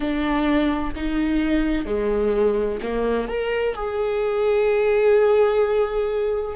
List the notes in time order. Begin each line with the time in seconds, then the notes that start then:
0.00 D4
0.95 D#4
1.85 G#3
2.82 A#3
3.28 A#4
3.75 G#4